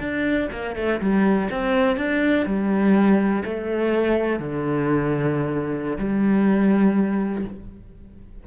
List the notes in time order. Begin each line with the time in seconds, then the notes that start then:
0.00 D4
0.52 A#3
0.76 A3
1.01 G3
1.51 C4
1.97 D4
2.46 G3
3.45 A3
4.40 D3
5.98 G3